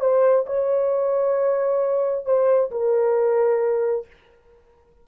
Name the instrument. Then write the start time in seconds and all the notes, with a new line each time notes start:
horn
0.00 C5
0.46 C#5
2.25 C5
2.71 A#4